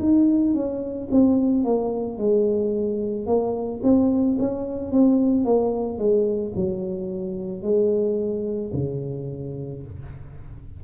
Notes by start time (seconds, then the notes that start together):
0.00 D#4
0.55 C#4
1.12 C4
1.65 A#3
2.19 G#3
3.27 A#3
3.83 C4
4.39 C#4
4.92 C4
5.45 A#3
5.99 G#3
6.56 F#3
7.63 G#3
8.74 C#3